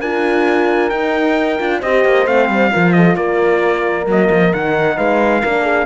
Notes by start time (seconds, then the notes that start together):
0.00 D4 F4 A#4 G#5
0.90 D#4 G5
1.59 D4 F4
1.80 C4 G4 C5 D#5
2.05 A#3
2.26 A3 C4 F5
2.49 G3
2.70 F3 F4 A#4
2.93 A4 D#5
3.16 A#3 A#4 D5
4.06 F#3 A#3 D#5
4.30 F3
4.53 D#3 D#4 F#5
4.97 G#3 B4 F5
5.42 A#3 D4 A#4
5.63 G#4